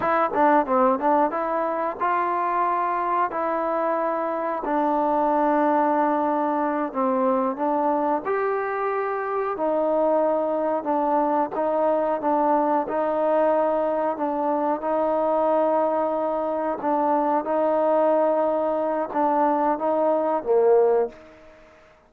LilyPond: \new Staff \with { instrumentName = "trombone" } { \time 4/4 \tempo 4 = 91 e'8 d'8 c'8 d'8 e'4 f'4~ | f'4 e'2 d'4~ | d'2~ d'8 c'4 d'8~ | d'8 g'2 dis'4.~ |
dis'8 d'4 dis'4 d'4 dis'8~ | dis'4. d'4 dis'4.~ | dis'4. d'4 dis'4.~ | dis'4 d'4 dis'4 ais4 | }